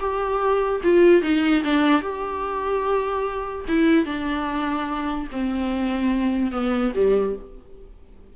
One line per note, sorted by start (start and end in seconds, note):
0.00 0.82 G4
0.84 1.22 F4
1.22 1.63 D#4
1.64 2.02 D4
2.02 3.65 G4
3.68 4.06 E4
4.06 5.28 D4
5.32 6.52 C4
6.52 6.93 B3
6.95 7.36 G3